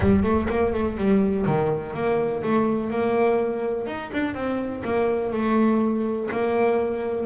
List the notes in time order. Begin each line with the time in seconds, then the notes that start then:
0.00 G3
0.23 A3
0.49 A#3
0.73 A3
0.97 G3
1.45 D#3
1.94 A#3
2.42 A3
2.90 A#3
3.86 D#4
4.12 D4
4.34 C4
4.84 A#3
5.32 A3
6.31 A#3